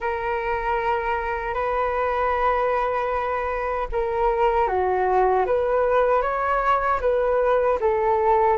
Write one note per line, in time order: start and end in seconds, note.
0.00 1.53 A#4
1.53 3.87 B4
3.92 4.68 A#4
4.68 5.45 F#4
5.46 6.22 B4
6.22 7.00 C#5
7.00 7.78 B4
7.80 8.57 A4